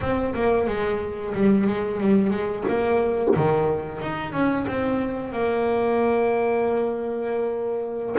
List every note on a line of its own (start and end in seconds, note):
0.00 0.34 C4
0.34 0.67 A#3
0.67 1.33 G#3
1.34 1.67 G3
1.67 2.00 G#3
2.00 2.30 G3
2.30 2.63 G#3
2.68 3.34 A#3
3.35 4.01 D#3
4.01 4.32 D#4
4.32 4.65 C#4
4.67 5.32 C4
5.32 8.15 A#3